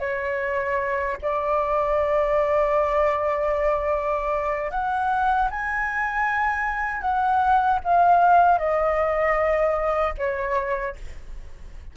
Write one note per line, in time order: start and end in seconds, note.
0.00 1.17 C#5
1.22 4.71 D5
4.71 5.49 F#5
5.50 7.02 G#5
7.02 7.80 F#5
7.85 8.59 F5
8.59 10.14 D#5
10.18 10.96 C#5